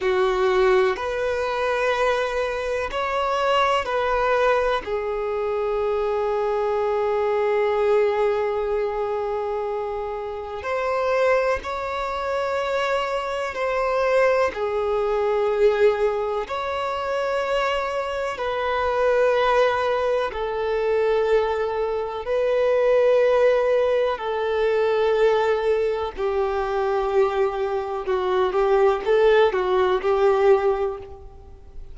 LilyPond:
\new Staff \with { instrumentName = "violin" } { \time 4/4 \tempo 4 = 62 fis'4 b'2 cis''4 | b'4 gis'2.~ | gis'2. c''4 | cis''2 c''4 gis'4~ |
gis'4 cis''2 b'4~ | b'4 a'2 b'4~ | b'4 a'2 g'4~ | g'4 fis'8 g'8 a'8 fis'8 g'4 | }